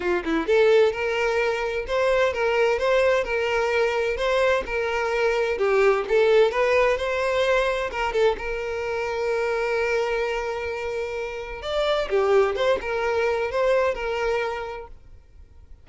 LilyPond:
\new Staff \with { instrumentName = "violin" } { \time 4/4 \tempo 4 = 129 f'8 e'8 a'4 ais'2 | c''4 ais'4 c''4 ais'4~ | ais'4 c''4 ais'2 | g'4 a'4 b'4 c''4~ |
c''4 ais'8 a'8 ais'2~ | ais'1~ | ais'4 d''4 g'4 c''8 ais'8~ | ais'4 c''4 ais'2 | }